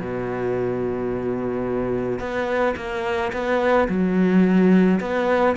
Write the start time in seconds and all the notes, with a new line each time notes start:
0.00 B2
2.19 B3
2.77 A#3
3.33 B3
3.89 F#3
5.01 B3